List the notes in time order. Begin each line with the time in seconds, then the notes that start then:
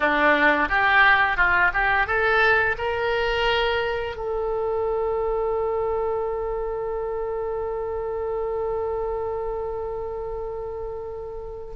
0.00 D4
0.68 G4
1.36 F4
1.73 G4
2.07 A4
2.78 A#4
4.15 A4